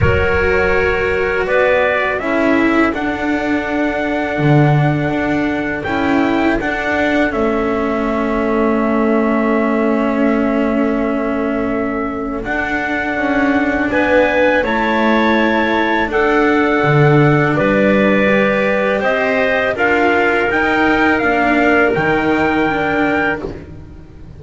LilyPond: <<
  \new Staff \with { instrumentName = "trumpet" } { \time 4/4 \tempo 4 = 82 cis''2 d''4 e''4 | fis''1 | g''4 fis''4 e''2~ | e''1~ |
e''4 fis''2 gis''4 | a''2 fis''2 | d''2 dis''4 f''4 | g''4 f''4 g''2 | }
  \new Staff \with { instrumentName = "clarinet" } { \time 4/4 ais'2 b'4 a'4~ | a'1~ | a'1~ | a'1~ |
a'2. b'4 | cis''2 a'2 | b'2 c''4 ais'4~ | ais'1 | }
  \new Staff \with { instrumentName = "cello" } { \time 4/4 fis'2. e'4 | d'1 | e'4 d'4 cis'2~ | cis'1~ |
cis'4 d'2. | e'2 d'2~ | d'4 g'2 f'4 | dis'4 d'4 dis'4 d'4 | }
  \new Staff \with { instrumentName = "double bass" } { \time 4/4 fis2 b4 cis'4 | d'2 d4 d'4 | cis'4 d'4 a2~ | a1~ |
a4 d'4 cis'4 b4 | a2 d'4 d4 | g2 c'4 d'4 | dis'4 ais4 dis2 | }
>>